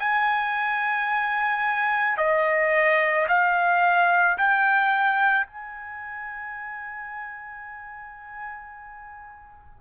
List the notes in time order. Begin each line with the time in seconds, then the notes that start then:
0.00 G#5
2.18 D#5
3.29 F5
4.38 G5
5.47 G#5